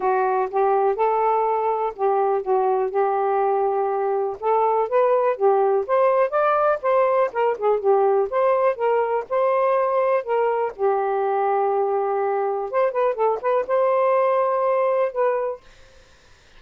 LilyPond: \new Staff \with { instrumentName = "saxophone" } { \time 4/4 \tempo 4 = 123 fis'4 g'4 a'2 | g'4 fis'4 g'2~ | g'4 a'4 b'4 g'4 | c''4 d''4 c''4 ais'8 gis'8 |
g'4 c''4 ais'4 c''4~ | c''4 ais'4 g'2~ | g'2 c''8 b'8 a'8 b'8 | c''2. b'4 | }